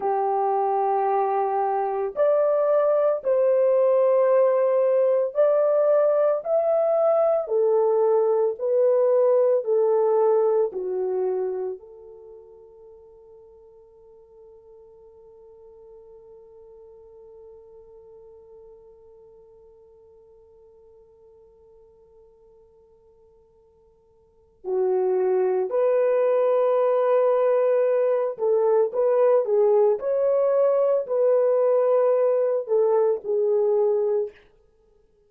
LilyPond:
\new Staff \with { instrumentName = "horn" } { \time 4/4 \tempo 4 = 56 g'2 d''4 c''4~ | c''4 d''4 e''4 a'4 | b'4 a'4 fis'4 a'4~ | a'1~ |
a'1~ | a'2. fis'4 | b'2~ b'8 a'8 b'8 gis'8 | cis''4 b'4. a'8 gis'4 | }